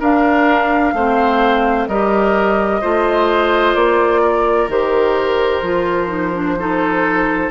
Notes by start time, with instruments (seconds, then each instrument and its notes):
0.00 bassoon D4, clarinet D4, oboe A#4, flute F5
0.94 bassoon A3, clarinet C4, oboe C5
1.88 bassoon G3, clarinet G4, oboe A#4, flute D#5
2.81 bassoon A3, clarinet F4, oboe C5
3.75 bassoon A#3, flute D5
4.21 oboe A#4
4.68 bassoon D#3, clarinet G4, flute C5
5.62 bassoon F3, clarinet F4
6.07 clarinet D#4
6.34 clarinet D4
6.59 clarinet D#4, oboe A4